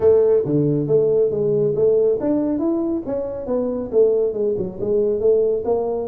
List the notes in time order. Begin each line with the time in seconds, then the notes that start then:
0.00 A3
0.45 D3
0.87 A3
1.30 G#3
1.75 A3
2.20 D4
2.58 E4
3.06 C#4
3.46 B3
3.91 A3
4.33 G#3
4.57 F#3
4.80 G#3
5.20 A3
5.64 A#3